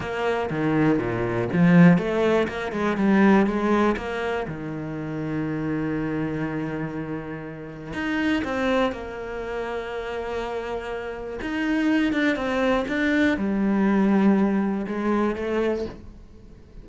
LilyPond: \new Staff \with { instrumentName = "cello" } { \time 4/4 \tempo 4 = 121 ais4 dis4 ais,4 f4 | a4 ais8 gis8 g4 gis4 | ais4 dis2.~ | dis1 |
dis'4 c'4 ais2~ | ais2. dis'4~ | dis'8 d'8 c'4 d'4 g4~ | g2 gis4 a4 | }